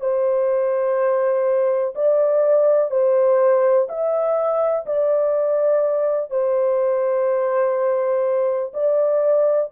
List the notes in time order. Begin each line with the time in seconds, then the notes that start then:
0.00 C5
1.95 D5
2.90 C5
3.88 E5
4.86 D5
6.30 C5
8.73 D5